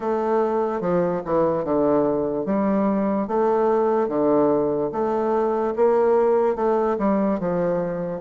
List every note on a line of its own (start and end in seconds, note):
0.00 0.80 A3
0.80 1.21 F3
1.25 1.64 E3
1.64 2.45 D3
2.45 3.27 G3
3.27 4.08 A3
4.08 4.90 D3
4.91 5.73 A3
5.75 6.55 A#3
6.55 6.96 A3
6.98 7.39 G3
7.39 8.21 F3